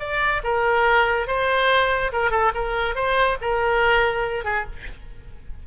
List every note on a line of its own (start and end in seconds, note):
0.00 0.42 D5
0.44 1.28 A#4
1.28 2.12 C5
2.13 2.31 A#4
2.31 2.53 A4
2.55 2.96 A#4
2.96 3.38 C5
3.41 4.45 A#4
4.45 4.66 G#4